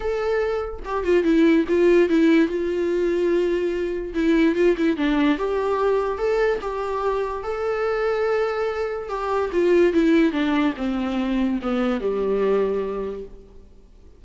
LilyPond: \new Staff \with { instrumentName = "viola" } { \time 4/4 \tempo 4 = 145 a'2 g'8 f'8 e'4 | f'4 e'4 f'2~ | f'2 e'4 f'8 e'8 | d'4 g'2 a'4 |
g'2 a'2~ | a'2 g'4 f'4 | e'4 d'4 c'2 | b4 g2. | }